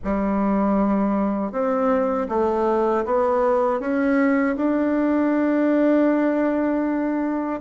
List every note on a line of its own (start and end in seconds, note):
0.04 1.52 G3
1.52 2.28 C4
2.28 3.04 A3
3.05 3.80 B3
3.80 4.56 C#4
4.56 7.60 D4